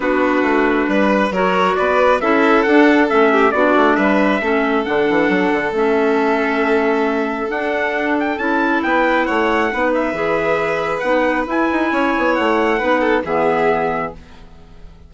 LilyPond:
<<
  \new Staff \with { instrumentName = "trumpet" } { \time 4/4 \tempo 4 = 136 b'2. cis''4 | d''4 e''4 fis''4 e''4 | d''4 e''2 fis''4~ | fis''4 e''2.~ |
e''4 fis''4. g''8 a''4 | g''4 fis''4. e''4.~ | e''4 fis''4 gis''2 | fis''2 e''2 | }
  \new Staff \with { instrumentName = "violin" } { \time 4/4 fis'2 b'4 ais'4 | b'4 a'2~ a'8 g'8 | fis'4 b'4 a'2~ | a'1~ |
a'1 | b'4 cis''4 b'2~ | b'2. cis''4~ | cis''4 b'8 a'8 gis'2 | }
  \new Staff \with { instrumentName = "clarinet" } { \time 4/4 d'2. fis'4~ | fis'4 e'4 d'4 cis'4 | d'2 cis'4 d'4~ | d'4 cis'2.~ |
cis'4 d'2 e'4~ | e'2 dis'4 gis'4~ | gis'4 dis'4 e'2~ | e'4 dis'4 b2 | }
  \new Staff \with { instrumentName = "bassoon" } { \time 4/4 b4 a4 g4 fis4 | b4 cis'4 d'4 a4 | b8 a8 g4 a4 d8 e8 | fis8 d8 a2.~ |
a4 d'2 cis'4 | b4 a4 b4 e4~ | e4 b4 e'8 dis'8 cis'8 b8 | a4 b4 e2 | }
>>